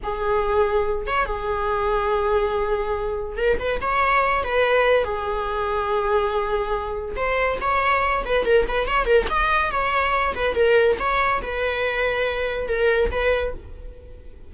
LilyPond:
\new Staff \with { instrumentName = "viola" } { \time 4/4 \tempo 4 = 142 gis'2~ gis'8 cis''8 gis'4~ | gis'1 | ais'8 b'8 cis''4. b'4. | gis'1~ |
gis'4 c''4 cis''4. b'8 | ais'8 b'8 cis''8 ais'8 dis''4 cis''4~ | cis''8 b'8 ais'4 cis''4 b'4~ | b'2 ais'4 b'4 | }